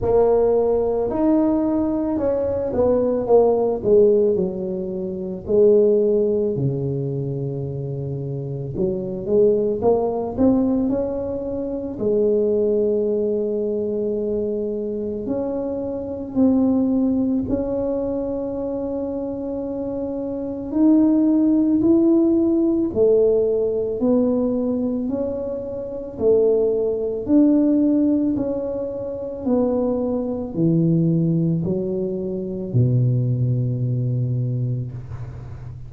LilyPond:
\new Staff \with { instrumentName = "tuba" } { \time 4/4 \tempo 4 = 55 ais4 dis'4 cis'8 b8 ais8 gis8 | fis4 gis4 cis2 | fis8 gis8 ais8 c'8 cis'4 gis4~ | gis2 cis'4 c'4 |
cis'2. dis'4 | e'4 a4 b4 cis'4 | a4 d'4 cis'4 b4 | e4 fis4 b,2 | }